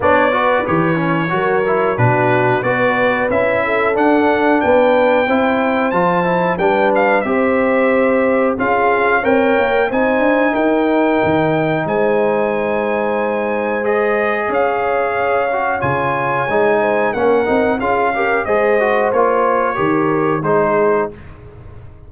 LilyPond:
<<
  \new Staff \with { instrumentName = "trumpet" } { \time 4/4 \tempo 4 = 91 d''4 cis''2 b'4 | d''4 e''4 fis''4 g''4~ | g''4 a''4 g''8 f''8 e''4~ | e''4 f''4 g''4 gis''4 |
g''2 gis''2~ | gis''4 dis''4 f''2 | gis''2 fis''4 f''4 | dis''4 cis''2 c''4 | }
  \new Staff \with { instrumentName = "horn" } { \time 4/4 cis''8 b'4. ais'4 fis'4 | b'4. a'4. b'4 | c''2 b'4 c''4~ | c''4 gis'4 cis''4 c''4 |
ais'2 c''2~ | c''2 cis''2~ | cis''4. c''8 ais'4 gis'8 ais'8 | c''2 ais'4 gis'4 | }
  \new Staff \with { instrumentName = "trombone" } { \time 4/4 d'8 fis'8 g'8 cis'8 fis'8 e'8 d'4 | fis'4 e'4 d'2 | e'4 f'8 e'8 d'4 g'4~ | g'4 f'4 ais'4 dis'4~ |
dis'1~ | dis'4 gis'2~ gis'8 fis'8 | f'4 dis'4 cis'8 dis'8 f'8 g'8 | gis'8 fis'8 f'4 g'4 dis'4 | }
  \new Staff \with { instrumentName = "tuba" } { \time 4/4 b4 e4 fis4 b,4 | b4 cis'4 d'4 b4 | c'4 f4 g4 c'4~ | c'4 cis'4 c'8 ais8 c'8 d'8 |
dis'4 dis4 gis2~ | gis2 cis'2 | cis4 gis4 ais8 c'8 cis'4 | gis4 ais4 dis4 gis4 | }
>>